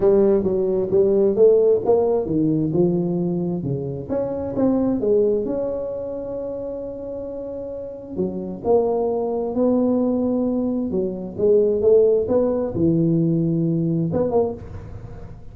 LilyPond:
\new Staff \with { instrumentName = "tuba" } { \time 4/4 \tempo 4 = 132 g4 fis4 g4 a4 | ais4 dis4 f2 | cis4 cis'4 c'4 gis4 | cis'1~ |
cis'2 fis4 ais4~ | ais4 b2. | fis4 gis4 a4 b4 | e2. b8 ais8 | }